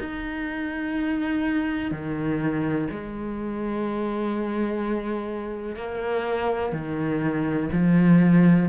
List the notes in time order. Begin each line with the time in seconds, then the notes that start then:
0.00 D#4
1.92 D#3
2.91 G#3
5.77 A#3
6.73 D#3
7.73 F3